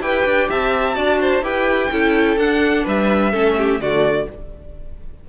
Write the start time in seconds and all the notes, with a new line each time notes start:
0.00 E4 G4 B4 G5
0.25 D4
0.49 C4 E5 A5
0.94 D4 F#4 D5
1.21 C5
1.41 E4 G4 B4 G5
1.91 C#4 E4 A4
2.37 D4 F#5
2.84 G3 B4 E5
3.31 A3 C#4 A4
3.57 G4
3.79 D3 A3 F#4 D5